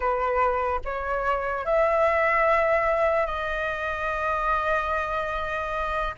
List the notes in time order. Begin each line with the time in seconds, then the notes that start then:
0.00 B4
0.84 C#5
1.65 E5
3.26 D#5